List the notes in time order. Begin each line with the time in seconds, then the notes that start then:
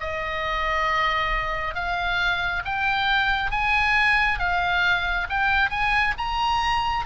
0.00 D#5
1.74 F5
2.65 G5
3.51 G#5
4.39 F5
5.29 G5
5.70 G#5
6.18 A#5